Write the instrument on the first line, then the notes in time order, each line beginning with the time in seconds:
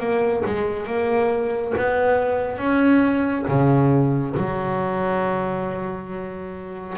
double bass
0.00 A#3
0.46 G#3
0.87 A#3
1.77 B3
2.58 C#4
3.48 C#3
4.37 F#3